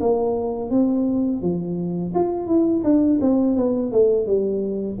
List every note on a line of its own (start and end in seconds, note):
0.00 0.70 A#3
0.70 1.41 C4
1.42 2.13 F3
2.14 2.47 F4
2.47 2.82 E4
2.83 3.19 D4
3.21 3.56 C4
3.56 3.92 B3
3.92 4.26 A3
4.26 4.98 G3